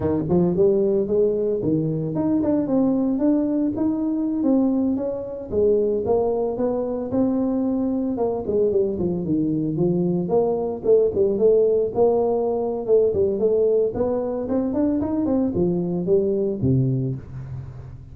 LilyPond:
\new Staff \with { instrumentName = "tuba" } { \time 4/4 \tempo 4 = 112 dis8 f8 g4 gis4 dis4 | dis'8 d'8 c'4 d'4 dis'4~ | dis'16 c'4 cis'4 gis4 ais8.~ | ais16 b4 c'2 ais8 gis16~ |
gis16 g8 f8 dis4 f4 ais8.~ | ais16 a8 g8 a4 ais4.~ ais16 | a8 g8 a4 b4 c'8 d'8 | dis'8 c'8 f4 g4 c4 | }